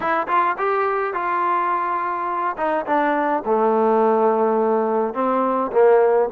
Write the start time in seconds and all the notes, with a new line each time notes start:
0.00 E4
0.27 F4
0.58 G4
1.13 F4
2.57 D#4
2.86 D4
3.45 A3
5.14 C4
5.71 A#3